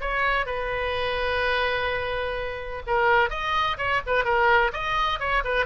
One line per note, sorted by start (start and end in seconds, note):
0.00 0.46 C#5
0.46 2.82 B4
2.86 3.30 A#4
3.30 3.77 D#5
3.78 4.01 C#5
4.06 4.24 B4
4.24 4.71 A#4
4.72 5.19 D#5
5.19 5.43 C#5
5.44 5.65 B4